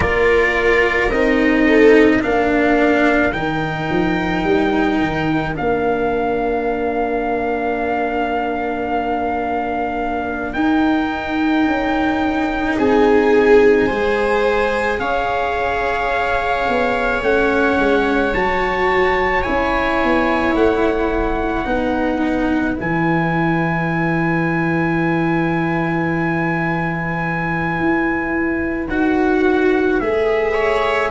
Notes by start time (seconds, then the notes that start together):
0.00 A#3 F4 A#4 D5
1.10 C4 D#4 D#5
1.66 A4
2.21 A#3 D4 A#4 F5
3.32 D#3 D#4 G5
3.89 F3
4.43 G3
5.00 D#3
5.54 A#3 D4 F5
10.53 D#4 G5
11.66 C#4
12.76 C4 G#4 G#5
13.86 G#3 G#4 C5
14.99 C#4 C#5 F5
16.68 B3
17.21 A3 C#4 F#5
17.78 G#3
18.33 F#3 F#4 A5
19.42 C#4 E4 G#5
20.03 B3
20.53 A3 F#5
21.64 B3 D#4 B4
22.76 E3 E4 G#5
27.79 E4
28.88 D#4 F#4 F#5
30.00 A3 G#4 E5
30.53 C#5